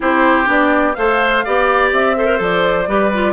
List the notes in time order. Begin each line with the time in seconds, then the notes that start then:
0.00 C4 E4 G4 C5
0.45 B3 D4 D5
0.94 A3 A4 C5 F5
1.44 B3 G4 D5
1.92 C4 E5
2.16 A4 C5
2.26 A#4
2.37 F3 A4 D5
2.87 G3 G4 B4
3.13 F4